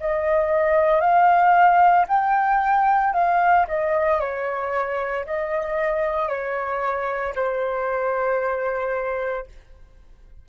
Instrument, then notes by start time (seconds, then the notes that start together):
flute
0.00 D#5
1.00 F5
2.08 G5
3.13 F5
3.67 D#5
4.20 C#5
5.25 D#5
6.28 C#5
7.35 C5